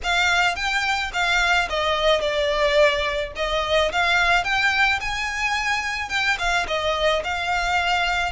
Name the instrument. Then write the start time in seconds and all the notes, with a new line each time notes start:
violin
0.03 F5
0.55 G5
1.13 F5
1.69 D#5
2.20 D5
3.36 D#5
3.92 F5
4.43 G5
5.00 G#5
6.09 G5
6.38 F5
6.67 D#5
7.23 F5